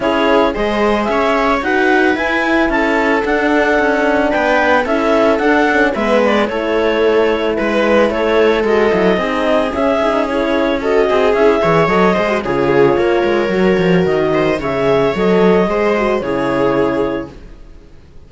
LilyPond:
<<
  \new Staff \with { instrumentName = "clarinet" } { \time 4/4 \tempo 4 = 111 cis''4 dis''4 e''4 fis''4 | gis''4 a''4 fis''2 | g''4 e''4 fis''4 e''8 d''8 | cis''2 b'4 cis''4 |
dis''2 e''4 cis''4 | dis''4 e''4 dis''4 cis''4~ | cis''2 dis''4 e''4 | dis''2 cis''2 | }
  \new Staff \with { instrumentName = "viola" } { \time 4/4 gis'4 c''4 cis''4 b'4~ | b'4 a'2. | b'4 a'2 b'4 | a'2 b'4 a'4~ |
a'4 gis'2. | a'8 gis'4 cis''4 c''8 gis'4 | ais'2~ ais'8 c''8 cis''4~ | cis''4 c''4 gis'2 | }
  \new Staff \with { instrumentName = "horn" } { \time 4/4 e'4 gis'2 fis'4 | e'2 d'2~ | d'4 e'4 d'8 cis'8 b4 | e'1 |
fis'8 e'8 dis'4 cis'8 dis'8 e'4 | fis'4 e'8 gis'8 a'8 gis'16 fis'16 f'4~ | f'4 fis'2 gis'4 | a'4 gis'8 fis'8 e'2 | }
  \new Staff \with { instrumentName = "cello" } { \time 4/4 cis'4 gis4 cis'4 dis'4 | e'4 cis'4 d'4 cis'4 | b4 cis'4 d'4 gis4 | a2 gis4 a4 |
gis8 fis8 c'4 cis'2~ | cis'8 c'8 cis'8 e8 fis8 gis8 cis4 | ais8 gis8 fis8 f8 dis4 cis4 | fis4 gis4 cis2 | }
>>